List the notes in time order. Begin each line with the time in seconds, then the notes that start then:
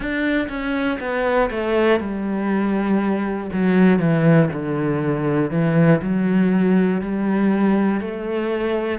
0.00 D4
0.49 C#4
1.00 B3
1.50 A3
2.00 G3
3.53 F#3
3.99 E3
4.53 D3
5.50 E3
6.01 F#3
7.00 G3
8.00 A3